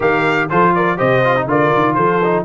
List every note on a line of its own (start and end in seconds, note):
0.00 0.48 D#3
0.00 0.49 G4
0.00 0.49 A#4
0.00 0.49 F5
0.49 1.00 F3
0.49 0.97 F4
0.49 0.74 A4
0.49 0.73 C5
0.74 0.97 A#4
0.74 0.98 D5
0.97 1.46 C3
0.97 1.21 G4
0.97 1.46 C5
0.97 1.47 D#5
1.24 1.35 F4
1.35 1.48 D#4
1.46 1.70 D3
1.46 2.22 F4
1.46 1.96 A#4
1.46 1.94 D5
1.74 1.97 D#3
1.94 2.45 F3
1.94 2.45 A4
1.94 2.43 C5
2.23 2.45 D#4